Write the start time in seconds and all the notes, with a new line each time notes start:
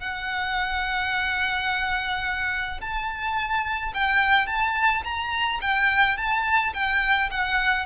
0.00 F#5
2.81 A5
3.94 G5
4.47 A5
5.04 A#5
5.61 G5
6.17 A5
6.74 G5
7.30 F#5